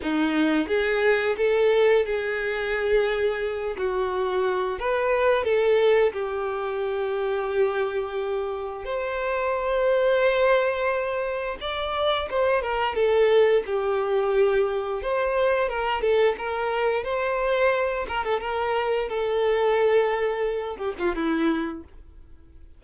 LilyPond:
\new Staff \with { instrumentName = "violin" } { \time 4/4 \tempo 4 = 88 dis'4 gis'4 a'4 gis'4~ | gis'4. fis'4. b'4 | a'4 g'2.~ | g'4 c''2.~ |
c''4 d''4 c''8 ais'8 a'4 | g'2 c''4 ais'8 a'8 | ais'4 c''4. ais'16 a'16 ais'4 | a'2~ a'8 g'16 f'16 e'4 | }